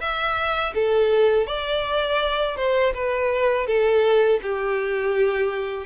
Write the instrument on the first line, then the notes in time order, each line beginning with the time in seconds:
violin
0.00 E5
0.74 A4
1.46 D5
2.56 C5
2.94 B4
3.67 A4
4.42 G4